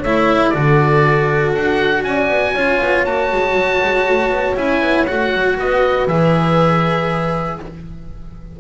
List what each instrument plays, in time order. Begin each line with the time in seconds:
0.00 double bass A3, cello E4, horn C#5, oboe E5
0.50 double bass D3, cello F#4, horn A4, oboe D5
1.55 double bass D4, oboe F#5
2.04 double bass C#4, horn D5, oboe G#5
2.29 double bass B3
2.54 double bass C#4, cello F4, horn C#5
2.81 double bass B3
3.05 double bass A#3, cello F#4, oboe A5
3.32 double bass G#3
3.54 double bass F#3
3.83 double bass G#3
4.08 double bass A3
4.31 double bass B3
4.56 double bass C#4, cello E4, oboe G#5
4.82 double bass B3
5.07 double bass A3, cello F#4, oboe F#5
5.34 double bass F#3
5.58 double bass B3, horn B4, oboe D#5
6.07 double bass E3, cello G#4, oboe E5